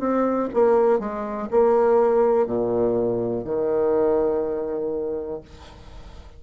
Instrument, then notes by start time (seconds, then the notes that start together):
bassoon
0.00 C4
0.54 A#3
1.00 G#3
1.51 A#3
2.47 A#2
3.45 D#3